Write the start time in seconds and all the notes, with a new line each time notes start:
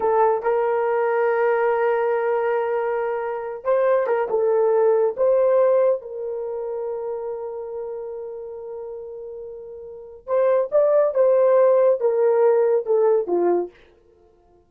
0.00 A4
0.42 A#4
3.64 C5
4.07 A#4
4.30 A4
5.16 C5
6.01 A#4
10.26 C5
10.71 D5
11.14 C5
12.00 A#4
12.86 A4
13.27 F4